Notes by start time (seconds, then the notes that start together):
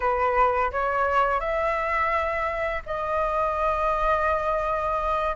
0.00 B4
0.71 C#5
1.39 E5
2.86 D#5